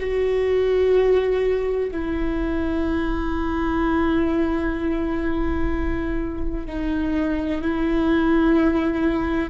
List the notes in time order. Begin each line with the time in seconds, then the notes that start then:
0.00 F#4
1.91 E4
6.66 D#4
7.61 E4